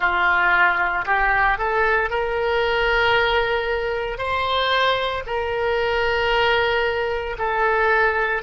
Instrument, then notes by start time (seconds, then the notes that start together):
oboe
0.00 F4
1.05 G4
1.57 A4
2.10 A#4
4.18 C5
5.26 A#4
7.38 A4